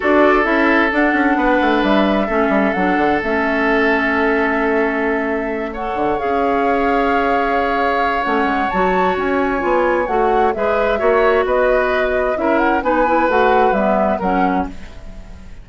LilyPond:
<<
  \new Staff \with { instrumentName = "flute" } { \time 4/4 \tempo 4 = 131 d''4 e''4 fis''2 | e''2 fis''4 e''4~ | e''1~ | e''8 fis''4 f''2~ f''8~ |
f''2 fis''4 a''4 | gis''2 fis''4 e''4~ | e''4 dis''2 e''8 fis''8 | gis''4 fis''4 e''4 fis''4 | }
  \new Staff \with { instrumentName = "oboe" } { \time 4/4 a'2. b'4~ | b'4 a'2.~ | a'1~ | a'8 cis''2.~ cis''8~ |
cis''1~ | cis''2. b'4 | cis''4 b'2 ais'4 | b'2. ais'4 | }
  \new Staff \with { instrumentName = "clarinet" } { \time 4/4 fis'4 e'4 d'2~ | d'4 cis'4 d'4 cis'4~ | cis'1~ | cis'8 a'4 gis'2~ gis'8~ |
gis'2 cis'4 fis'4~ | fis'4 f'4 fis'4 gis'4 | fis'2. e'4 | dis'8 e'8 fis'4 b4 cis'4 | }
  \new Staff \with { instrumentName = "bassoon" } { \time 4/4 d'4 cis'4 d'8 cis'8 b8 a8 | g4 a8 g8 fis8 d8 a4~ | a1~ | a4 d8 cis'2~ cis'8~ |
cis'2 a8 gis8 fis4 | cis'4 b4 a4 gis4 | ais4 b2 cis'4 | b4 a4 g4 fis4 | }
>>